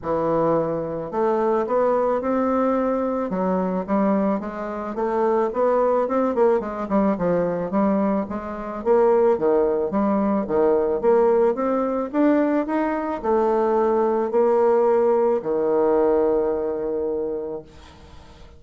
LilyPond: \new Staff \with { instrumentName = "bassoon" } { \time 4/4 \tempo 4 = 109 e2 a4 b4 | c'2 fis4 g4 | gis4 a4 b4 c'8 ais8 | gis8 g8 f4 g4 gis4 |
ais4 dis4 g4 dis4 | ais4 c'4 d'4 dis'4 | a2 ais2 | dis1 | }